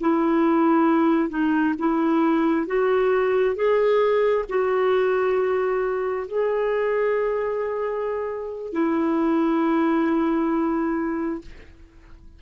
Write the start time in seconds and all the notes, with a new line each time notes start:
0.00 E4
1.29 D#4
1.78 E4
2.66 F#4
3.55 G#4
4.49 F#4
6.27 G#4
8.73 E4